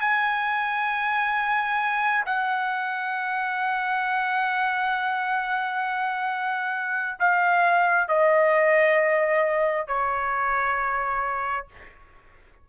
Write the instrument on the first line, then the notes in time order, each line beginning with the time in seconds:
trumpet
0.00 G#5
2.25 F#5
7.19 F5
8.08 D#5
9.87 C#5